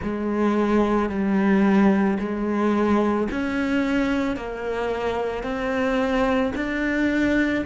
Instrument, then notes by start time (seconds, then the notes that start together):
cello
0.02 G#3
1.09 G3
2.19 G#3
3.31 C#4
4.36 A#3
5.43 C4
6.55 D4